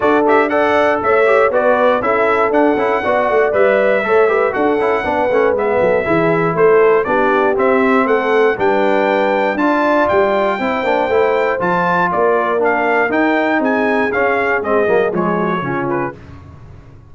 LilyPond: <<
  \new Staff \with { instrumentName = "trumpet" } { \time 4/4 \tempo 4 = 119 d''8 e''8 fis''4 e''4 d''4 | e''4 fis''2 e''4~ | e''4 fis''2 e''4~ | e''4 c''4 d''4 e''4 |
fis''4 g''2 a''4 | g''2. a''4 | d''4 f''4 g''4 gis''4 | f''4 dis''4 cis''4. b'8 | }
  \new Staff \with { instrumentName = "horn" } { \time 4/4 a'4 d''4 cis''4 b'4 | a'2 d''2 | cis''8 b'8 a'4 b'4. a'8 | gis'4 a'4 g'2 |
a'4 b'2 d''4~ | d''4 c''2. | ais'2. gis'4~ | gis'2~ gis'8 fis'8 f'4 | }
  \new Staff \with { instrumentName = "trombone" } { \time 4/4 fis'8 g'8 a'4. g'8 fis'4 | e'4 d'8 e'8 fis'4 b'4 | a'8 g'8 fis'8 e'8 d'8 cis'8 b4 | e'2 d'4 c'4~ |
c'4 d'2 f'4~ | f'4 e'8 d'8 e'4 f'4~ | f'4 d'4 dis'2 | cis'4 c'8 ais8 gis4 cis'4 | }
  \new Staff \with { instrumentName = "tuba" } { \time 4/4 d'2 a4 b4 | cis'4 d'8 cis'8 b8 a8 g4 | a4 d'8 cis'8 b8 a8 gis8 fis8 | e4 a4 b4 c'4 |
a4 g2 d'4 | g4 c'8 ais8 a4 f4 | ais2 dis'4 c'4 | cis'4 gis8 fis8 f4 cis4 | }
>>